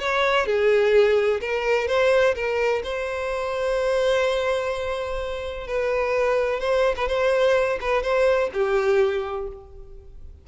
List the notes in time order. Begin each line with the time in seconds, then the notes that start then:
0.00 C#5
0.46 G#4
1.41 A#4
1.87 C5
2.35 A#4
2.84 C5
5.67 B4
6.60 C5
6.96 B4
7.08 C5
7.81 B4
8.03 C5
8.53 G4